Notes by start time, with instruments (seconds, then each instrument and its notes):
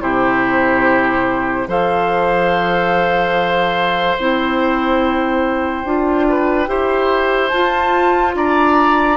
0.00 bassoon C3, clarinet E4, oboe G4, flute C5
1.67 bassoon F3, clarinet A4, oboe C5, flute F5
4.18 bassoon C4, clarinet E4, flute G5
5.84 bassoon D4, clarinet F4
6.28 oboe B4
6.66 bassoon E4, clarinet G4, oboe C5
7.48 bassoon F4, clarinet F4, flute A5
8.35 bassoon D4, oboe D5, flute A#5